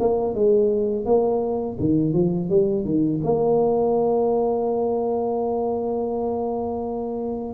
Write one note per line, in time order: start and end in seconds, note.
0.00 0.35 A#3
0.35 1.05 G#3
1.05 1.78 A#3
1.79 2.13 D#3
2.13 2.49 F3
2.49 2.85 G3
2.85 3.21 D#3
3.24 7.54 A#3